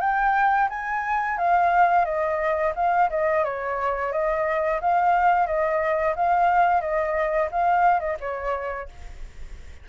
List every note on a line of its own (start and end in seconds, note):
0.00 0.68 G5
0.69 1.37 G#5
1.37 2.05 F5
2.05 2.73 D#5
2.75 3.09 F5
3.10 3.44 D#5
3.44 4.12 C#5
4.12 4.80 D#5
4.81 5.46 F5
5.46 6.15 D#5
6.15 6.81 F5
6.81 7.49 D#5
7.51 8.00 F5
8.00 8.17 D#5
8.20 8.88 C#5